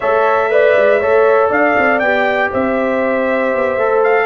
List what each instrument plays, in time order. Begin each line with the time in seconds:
0.00 tuba A3, trombone A4, horn C#5, trumpet E5
0.50 trombone B4, horn D5
0.76 tuba G#3
0.99 tuba A3, trombone A4, horn C#5
1.49 tuba D4, horn D5, trumpet F5
1.77 tuba C4
1.99 tuba B3, trombone G4, trumpet G5
2.51 tuba C4, horn C5, trumpet E5
3.54 tuba B3
3.77 tuba A3, trombone A4
4.03 trumpet F5